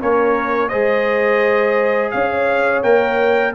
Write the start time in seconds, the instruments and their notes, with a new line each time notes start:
0.00 tuba A#3, trombone C#4, horn A#4, trumpet C#5
0.68 tuba G#3, trombone G#4, horn C5, trumpet D#5
2.11 tuba C#4, horn C#5, trumpet F5
2.83 tuba A#3, trombone A#4, trumpet G5